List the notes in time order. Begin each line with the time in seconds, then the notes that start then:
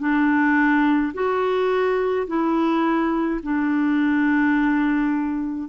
0.00 D4
1.14 F#4
2.27 E4
3.43 D4